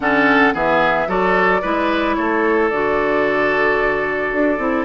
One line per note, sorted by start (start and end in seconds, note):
0.00 0.52 D3
0.00 0.53 C#4
0.00 0.53 A4
0.00 0.54 F#5
0.53 1.07 E3
0.53 1.07 B3
0.53 1.08 G#4
0.53 1.09 E5
1.07 1.61 F#3
1.07 1.61 F#4
1.07 1.61 A4
1.07 2.14 D5
1.61 2.16 G#3
1.61 2.71 E4
1.61 2.15 B4
2.14 2.70 A3
2.14 4.85 A4
2.14 2.68 C#5
2.69 4.32 D3
2.69 4.58 F#4
2.69 4.85 D5
4.32 4.58 D4
4.58 4.85 C4
4.58 4.85 E4